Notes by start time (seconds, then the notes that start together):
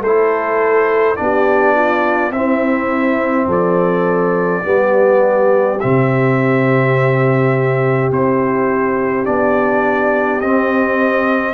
0.00 A3 E4 A4 C5
1.16 B3 D4 G4 D5
1.75 F4
2.31 C4 E4 E5
3.47 F3 A4 D5
4.63 G3 B3 G4
5.80 C3 C4 E5
8.11 C4 E4 C5
9.25 B3 D4 D5
10.41 C4 D#5